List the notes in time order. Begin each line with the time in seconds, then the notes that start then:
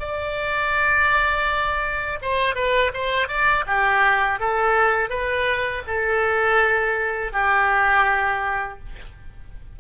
0.00 D5
2.22 C5
2.56 B4
2.94 C5
3.28 D5
3.67 G4
4.40 A4
5.10 B4
5.87 A4
7.33 G4